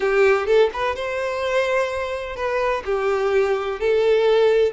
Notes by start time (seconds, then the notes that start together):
0.00 G4
0.46 A4
0.73 B4
0.95 C5
2.36 B4
2.85 G4
3.80 A4